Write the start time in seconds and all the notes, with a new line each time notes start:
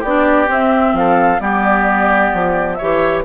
0.00 B3 D4 G4 D5
0.46 C4 E5
0.93 F3 A4 F5
1.40 G3 B3 G4 D5
2.33 F3
2.73 C#5 E5
2.80 E3 G4